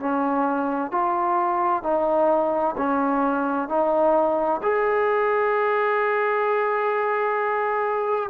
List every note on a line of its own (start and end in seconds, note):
0.00 0.91 C#4
0.91 1.83 F4
1.83 2.75 D#4
2.78 3.69 C#4
3.69 4.61 D#4
4.63 8.30 G#4